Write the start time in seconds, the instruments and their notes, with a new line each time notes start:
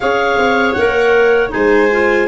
0.00 tuba C#4, clarinet G#4 F5, viola C#5
0.37 tuba C4
0.72 tuba A#3, clarinet A#4 F#5
1.49 tuba G#3, clarinet D#4 G#5, viola C5
1.91 clarinet F4